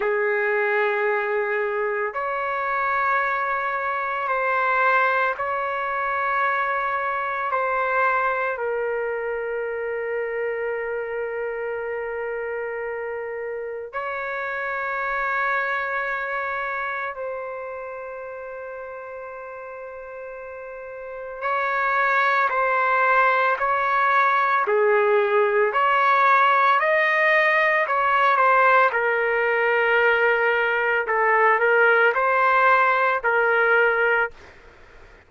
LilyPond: \new Staff \with { instrumentName = "trumpet" } { \time 4/4 \tempo 4 = 56 gis'2 cis''2 | c''4 cis''2 c''4 | ais'1~ | ais'4 cis''2. |
c''1 | cis''4 c''4 cis''4 gis'4 | cis''4 dis''4 cis''8 c''8 ais'4~ | ais'4 a'8 ais'8 c''4 ais'4 | }